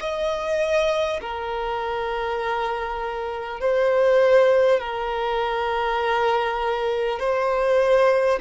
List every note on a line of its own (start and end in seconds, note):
0.00 1.20 D#5
1.21 3.60 A#4
3.60 4.79 C5
4.79 7.19 A#4
7.19 8.39 C5